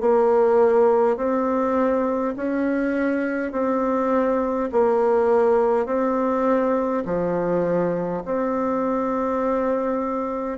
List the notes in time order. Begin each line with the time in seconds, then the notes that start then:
0.00 A#3
1.17 C4
2.36 C#4
3.52 C4
4.72 A#3
5.86 C4
7.05 F3
8.25 C4